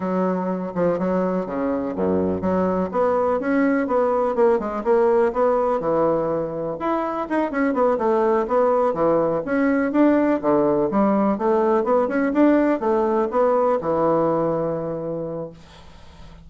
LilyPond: \new Staff \with { instrumentName = "bassoon" } { \time 4/4 \tempo 4 = 124 fis4. f8 fis4 cis4 | fis,4 fis4 b4 cis'4 | b4 ais8 gis8 ais4 b4 | e2 e'4 dis'8 cis'8 |
b8 a4 b4 e4 cis'8~ | cis'8 d'4 d4 g4 a8~ | a8 b8 cis'8 d'4 a4 b8~ | b8 e2.~ e8 | }